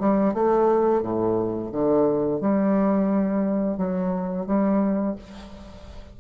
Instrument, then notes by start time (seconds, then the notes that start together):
bassoon
0.00 G3
0.34 A3
1.03 A2
1.72 D3
2.41 G3
3.78 F#3
4.47 G3